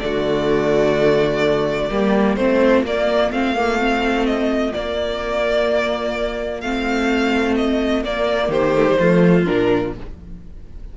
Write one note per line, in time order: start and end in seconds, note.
0.00 1.90 D3
0.00 1.91 A3
0.00 1.91 F#4
0.00 2.36 D5
1.90 2.37 G3
1.90 2.38 A#3
1.90 2.38 G4
2.36 2.84 A3
2.36 2.86 C4
2.36 8.51 F4
2.36 2.84 C5
2.84 3.31 A#3
2.84 3.33 A#3
2.84 3.32 D5
3.31 4.73 A3
3.31 3.56 C4
3.31 4.26 F5
3.56 3.79 A#3
3.79 4.74 C4
4.26 4.74 D#5
4.74 6.63 A#3
4.74 6.65 A#3
4.74 6.61 D5
6.61 8.04 A3
6.61 8.05 C4
6.61 7.56 F5
7.56 8.04 D#5
8.04 8.49 A#3
8.04 8.76 A#3
8.04 8.52 D5
8.49 8.96 D#3
8.49 8.98 G4
8.49 9.46 C5
8.76 8.86 A3
8.86 8.98 G3
8.99 9.47 F3
8.99 9.46 A3
8.99 9.94 F4
9.46 9.98 A#2
9.46 9.94 D4
9.46 9.93 A#4